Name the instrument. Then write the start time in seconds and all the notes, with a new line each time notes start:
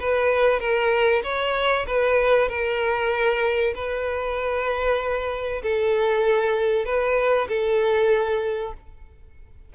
violin
0.00 B4
0.60 A#4
1.24 C#5
1.87 B4
2.49 A#4
3.75 B4
5.63 A4
6.86 B4
7.49 A4